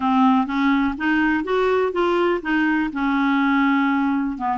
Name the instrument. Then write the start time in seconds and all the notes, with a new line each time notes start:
clarinet
0.00 C4
0.46 C#4
0.97 D#4
1.44 F#4
1.92 F4
2.42 D#4
2.92 C#4
4.37 B3